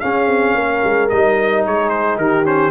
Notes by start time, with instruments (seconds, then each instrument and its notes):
0.00 trombone C#4, tuba C#4, horn G#4, trumpet F5
0.27 tuba C4
0.55 tuba A#3, horn A#4
0.84 tuba G#3
1.09 tuba G3, trombone D#4, trumpet D#5
1.66 tuba G#3, horn G#4, trumpet C#5
1.90 trumpet C5
2.17 tuba D#3, horn G4, trumpet A#4
2.45 trombone C#4, trumpet C5